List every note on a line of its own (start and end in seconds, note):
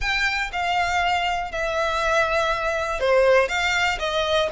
0.00 0.50 G5
0.52 1.51 F5
1.51 3.00 E5
3.00 3.48 C5
3.48 3.98 F5
3.99 4.49 D#5